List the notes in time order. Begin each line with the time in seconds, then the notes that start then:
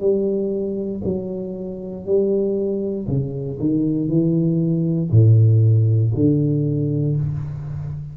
0.00 G3
1.04 F#3
2.06 G3
3.08 C#3
3.60 D#3
4.08 E3
5.11 A2
6.15 D3